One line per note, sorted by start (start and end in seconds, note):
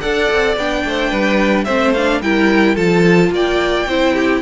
0.00 0.31 D4
0.00 0.57 A4
0.00 0.84 D5
0.00 0.55 F#5
0.32 0.56 C4
0.56 0.84 B3
0.56 1.66 D4
0.56 1.64 G5
0.85 1.11 A3
0.85 1.09 C5
1.09 1.66 G3
1.09 1.64 B4
1.64 2.21 A3
1.64 1.94 C4
1.64 2.20 C5
1.64 1.92 E5
1.93 2.22 D4
1.93 2.21 F5
2.21 2.76 G3
2.21 2.76 E4
2.21 2.74 A#4
2.21 2.76 G5
2.74 3.30 F3
2.74 3.86 F4
2.74 3.29 A4
2.74 3.31 A5
3.30 3.85 A#3
3.30 3.88 D5
3.30 4.41 G5
3.86 4.41 C4
3.86 4.41 E4
3.86 4.13 C5
4.13 4.41 G4